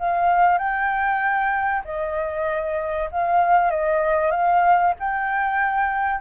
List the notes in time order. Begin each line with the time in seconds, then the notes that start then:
0.00 F5
0.59 G5
1.85 D#5
3.12 F5
3.71 D#5
4.32 F5
5.00 G5